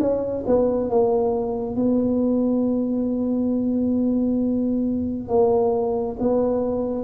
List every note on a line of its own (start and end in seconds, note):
0.00 0.44 C#4
0.47 0.90 B3
0.90 1.76 A#3
1.76 5.28 B3
5.28 6.16 A#3
6.20 7.04 B3